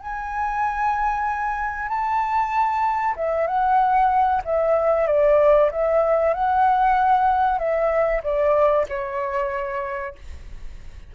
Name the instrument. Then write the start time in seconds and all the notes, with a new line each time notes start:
flute
0.00 G#5
1.88 A5
3.16 E5
3.47 F#5
4.44 E5
5.07 D5
5.71 E5
6.33 F#5
7.58 E5
8.23 D5
8.89 C#5